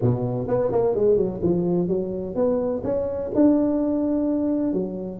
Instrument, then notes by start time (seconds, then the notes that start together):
tuba
0.01 B2
0.47 B3
0.72 A#3
0.95 G#3
1.16 F#3
1.42 F3
1.87 F#3
2.35 B3
2.83 C#4
3.34 D4
4.73 F#3